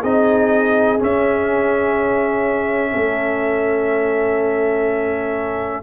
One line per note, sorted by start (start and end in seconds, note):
0.00 1.00 C4
0.00 0.99 D#4
0.00 2.90 G#4
0.00 1.00 D#5
0.99 5.83 C#4
0.99 2.95 C#4
0.99 5.83 E5
2.92 5.83 A3
2.92 5.82 A4